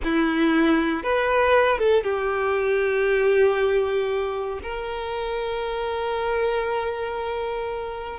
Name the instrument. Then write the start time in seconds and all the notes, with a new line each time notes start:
violin
0.03 E4
1.03 B4
1.78 A4
2.03 G4
4.62 A#4